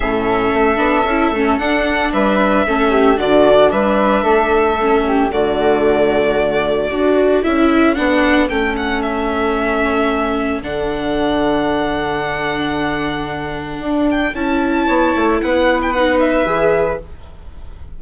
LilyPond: <<
  \new Staff \with { instrumentName = "violin" } { \time 4/4 \tempo 4 = 113 e''2. fis''4 | e''2 d''4 e''4~ | e''2 d''2~ | d''2 e''4 fis''4 |
g''8 fis''8 e''2. | fis''1~ | fis''2~ fis''8 g''8 a''4~ | a''4 fis''8. g''16 fis''8 e''4. | }
  \new Staff \with { instrumentName = "flute" } { \time 4/4 a'1 | b'4 a'8 g'8 fis'4 b'4 | a'4. g'8 fis'2~ | fis'4 a'2.~ |
a'1~ | a'1~ | a'1 | cis''4 b'2. | }
  \new Staff \with { instrumentName = "viola" } { \time 4/4 cis'4. d'8 e'8 cis'8 d'4~ | d'4 cis'4 d'2~ | d'4 cis'4 a2~ | a4 fis'4 e'4 d'4 |
cis'1 | d'1~ | d'2. e'4~ | e'2 dis'4 gis'4 | }
  \new Staff \with { instrumentName = "bassoon" } { \time 4/4 a,4 a8 b8 cis'8 a8 d'4 | g4 a4 d4 g4 | a2 d2~ | d4 d'4 cis'4 b4 |
a1 | d1~ | d2 d'4 cis'4 | b8 a8 b2 e4 | }
>>